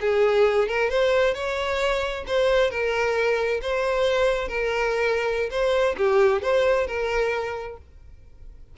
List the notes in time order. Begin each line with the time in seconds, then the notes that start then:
0.00 G#4
0.68 A#4
0.89 C5
1.34 C#5
2.27 C5
2.70 A#4
3.61 C5
4.48 A#4
5.50 C5
5.97 G4
6.42 C5
6.87 A#4